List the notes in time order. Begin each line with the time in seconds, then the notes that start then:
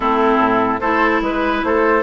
0.00 A3 C4 E4 A4
0.37 A2
0.80 A3 E4 A4 C5
1.21 G#3 B4
1.63 A3 A4 C5